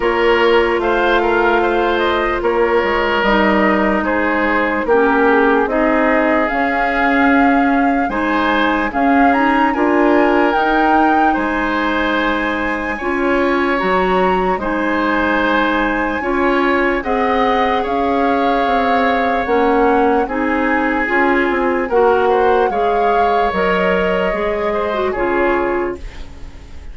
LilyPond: <<
  \new Staff \with { instrumentName = "flute" } { \time 4/4 \tempo 4 = 74 cis''4 f''4. dis''8 cis''4 | dis''4 c''4 ais'8 gis'8 dis''4 | f''2 gis''4 f''8 ais''8 | gis''4 g''4 gis''2~ |
gis''4 ais''4 gis''2~ | gis''4 fis''4 f''2 | fis''4 gis''2 fis''4 | f''4 dis''2 cis''4 | }
  \new Staff \with { instrumentName = "oboe" } { \time 4/4 ais'4 c''8 ais'8 c''4 ais'4~ | ais'4 gis'4 g'4 gis'4~ | gis'2 c''4 gis'4 | ais'2 c''2 |
cis''2 c''2 | cis''4 dis''4 cis''2~ | cis''4 gis'2 ais'8 c''8 | cis''2~ cis''8 c''8 gis'4 | }
  \new Staff \with { instrumentName = "clarinet" } { \time 4/4 f'1 | dis'2 cis'4 dis'4 | cis'2 dis'4 cis'8 dis'8 | f'4 dis'2. |
f'4 fis'4 dis'2 | f'4 gis'2. | cis'4 dis'4 f'4 fis'4 | gis'4 ais'4 gis'8. fis'16 f'4 | }
  \new Staff \with { instrumentName = "bassoon" } { \time 4/4 ais4 a2 ais8 gis8 | g4 gis4 ais4 c'4 | cis'2 gis4 cis'4 | d'4 dis'4 gis2 |
cis'4 fis4 gis2 | cis'4 c'4 cis'4 c'4 | ais4 c'4 cis'8 c'8 ais4 | gis4 fis4 gis4 cis4 | }
>>